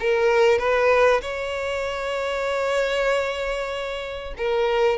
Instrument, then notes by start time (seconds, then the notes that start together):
violin
0.00 A#4
0.59 B4
1.22 C#5
4.38 A#4